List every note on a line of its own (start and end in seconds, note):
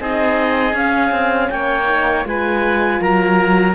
0.00 0.73 C4
0.00 0.72 D#4
0.00 1.51 G#4
0.00 0.76 D#5
0.72 1.84 C#4
0.72 1.11 C#4
0.72 1.50 F5
1.11 1.49 C4
1.50 2.25 A#3
1.50 2.28 C#5
1.50 2.25 G5
1.86 2.23 D#4
2.24 3.00 G#3
2.24 3.74 F4
2.24 3.01 B4
2.24 3.02 G#5
3.01 3.75 F#3
3.01 3.75 A#4
3.01 3.75 A#5